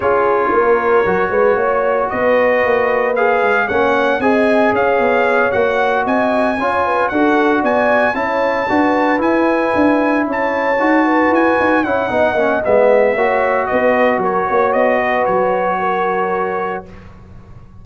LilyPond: <<
  \new Staff \with { instrumentName = "trumpet" } { \time 4/4 \tempo 4 = 114 cis''1 | dis''2 f''4 fis''4 | gis''4 f''4. fis''4 gis''8~ | gis''4. fis''4 gis''4 a''8~ |
a''4. gis''2 a''8~ | a''4. gis''4 fis''4. | e''2 dis''4 cis''4 | dis''4 cis''2. | }
  \new Staff \with { instrumentName = "horn" } { \time 4/4 gis'4 ais'4. b'8 cis''4 | b'2. cis''4 | dis''4 cis''2~ cis''8 dis''8~ | dis''8 cis''8 b'8 a'4 d''4 cis''8~ |
cis''8 b'2. cis''8~ | cis''4 b'4. cis''8 dis''4~ | dis''4 cis''4 b'4 ais'8 cis''8~ | cis''8 b'4. ais'2 | }
  \new Staff \with { instrumentName = "trombone" } { \time 4/4 f'2 fis'2~ | fis'2 gis'4 cis'4 | gis'2~ gis'8 fis'4.~ | fis'8 f'4 fis'2 e'8~ |
e'8 fis'4 e'2~ e'8~ | e'8 fis'2 e'8 dis'8 cis'8 | b4 fis'2.~ | fis'1 | }
  \new Staff \with { instrumentName = "tuba" } { \time 4/4 cis'4 ais4 fis8 gis8 ais4 | b4 ais4. gis8 ais4 | c'4 cis'8 b4 ais4 c'8~ | c'8 cis'4 d'4 b4 cis'8~ |
cis'8 d'4 e'4 d'4 cis'8~ | cis'8 dis'4 e'8 dis'8 cis'8 b8 ais8 | gis4 ais4 b4 fis8 ais8 | b4 fis2. | }
>>